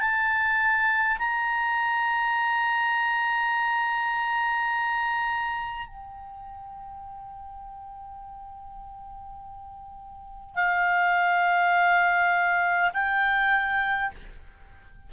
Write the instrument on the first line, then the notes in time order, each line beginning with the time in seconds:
clarinet
0.00 A5
1.18 A#5
5.87 G5
10.55 F5
12.94 G5